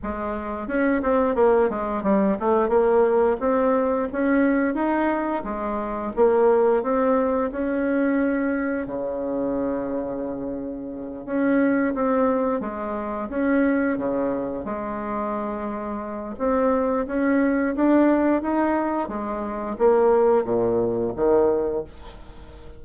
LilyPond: \new Staff \with { instrumentName = "bassoon" } { \time 4/4 \tempo 4 = 88 gis4 cis'8 c'8 ais8 gis8 g8 a8 | ais4 c'4 cis'4 dis'4 | gis4 ais4 c'4 cis'4~ | cis'4 cis2.~ |
cis8 cis'4 c'4 gis4 cis'8~ | cis'8 cis4 gis2~ gis8 | c'4 cis'4 d'4 dis'4 | gis4 ais4 ais,4 dis4 | }